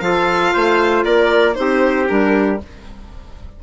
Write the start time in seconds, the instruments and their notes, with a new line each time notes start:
0.00 bassoon F3, clarinet F4, trumpet A4, violin F5
0.53 bassoon A3, trumpet C5
1.05 bassoon A#3, trumpet A#4, violin D5
1.54 bassoon C4, clarinet D#4, trumpet G4, violin C5
2.07 bassoon G3, clarinet D4, violin A#4